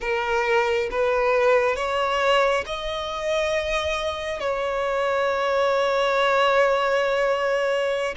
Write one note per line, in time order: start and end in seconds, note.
0.00 0.89 A#4
0.90 1.76 B4
1.76 2.64 C#5
2.66 4.40 D#5
4.40 8.15 C#5